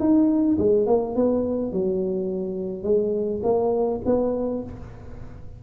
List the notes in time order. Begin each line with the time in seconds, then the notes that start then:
0.00 D#4
0.58 G#3
0.87 A#3
1.16 B3
1.73 F#3
2.84 G#3
3.44 A#3
4.06 B3